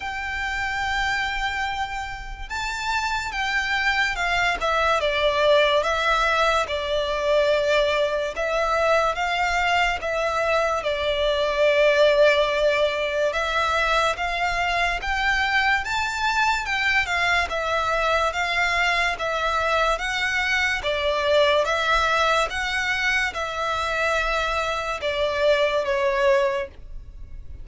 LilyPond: \new Staff \with { instrumentName = "violin" } { \time 4/4 \tempo 4 = 72 g''2. a''4 | g''4 f''8 e''8 d''4 e''4 | d''2 e''4 f''4 | e''4 d''2. |
e''4 f''4 g''4 a''4 | g''8 f''8 e''4 f''4 e''4 | fis''4 d''4 e''4 fis''4 | e''2 d''4 cis''4 | }